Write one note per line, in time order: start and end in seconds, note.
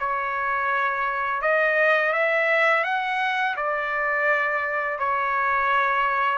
0.00 1.42 C#5
1.42 2.13 D#5
2.13 2.84 E5
2.84 3.56 F#5
3.56 4.99 D5
4.99 6.38 C#5